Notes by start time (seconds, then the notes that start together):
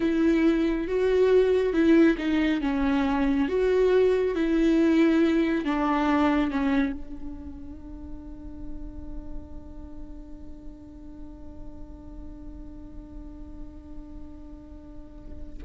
0.00 E4
0.87 F#4
1.73 E4
2.18 D#4
2.61 C#4
3.48 F#4
4.35 E4
5.64 D4
6.50 C#4
6.92 D4